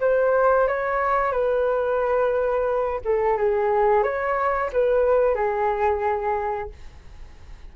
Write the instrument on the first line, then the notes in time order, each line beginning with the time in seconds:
flute
0.00 C5
0.67 C#5
1.32 B4
3.05 A4
3.37 G#4
4.03 C#5
4.73 B4
5.35 G#4